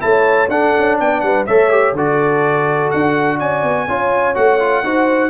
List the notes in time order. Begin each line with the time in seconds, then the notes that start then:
0.00 A3 E4 C#5 A5
0.49 D4 A4 F#5
0.78 C#4
1.00 B3 D5 G5
1.21 G3 B4 F#5
1.47 A3 A4 C#5 E5
1.71 G4
1.93 D3 F#4 A4 D5
2.91 D4 F#5
3.38 C#4 D5 G#5
3.63 B3
3.88 C#4 F4 C#5
4.35 A3 F#4 F#5
4.60 F4
4.84 D#4 F#4 C5